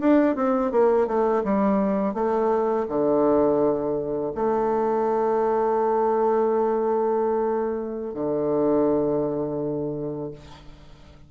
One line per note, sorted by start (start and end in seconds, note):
0.00 0.36 D4
0.36 0.72 C4
0.72 1.07 A#3
1.07 1.43 A3
1.44 2.14 G3
2.14 2.87 A3
2.88 4.33 D3
4.35 8.14 A3
8.14 10.31 D3